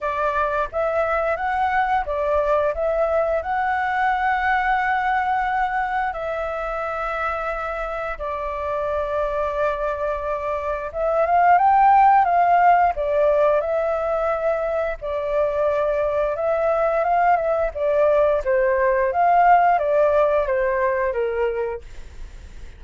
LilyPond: \new Staff \with { instrumentName = "flute" } { \time 4/4 \tempo 4 = 88 d''4 e''4 fis''4 d''4 | e''4 fis''2.~ | fis''4 e''2. | d''1 |
e''8 f''8 g''4 f''4 d''4 | e''2 d''2 | e''4 f''8 e''8 d''4 c''4 | f''4 d''4 c''4 ais'4 | }